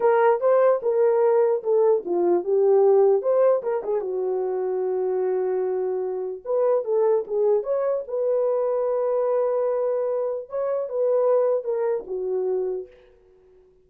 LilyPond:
\new Staff \with { instrumentName = "horn" } { \time 4/4 \tempo 4 = 149 ais'4 c''4 ais'2 | a'4 f'4 g'2 | c''4 ais'8 gis'8 fis'2~ | fis'1 |
b'4 a'4 gis'4 cis''4 | b'1~ | b'2 cis''4 b'4~ | b'4 ais'4 fis'2 | }